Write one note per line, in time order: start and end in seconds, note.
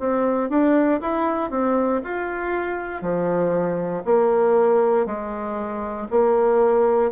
0.00 0.50 C4
0.50 1.01 D4
1.01 1.51 E4
1.51 2.02 C4
2.04 3.02 F4
3.02 4.04 F3
4.05 5.06 A#3
5.06 6.08 G#3
6.11 7.12 A#3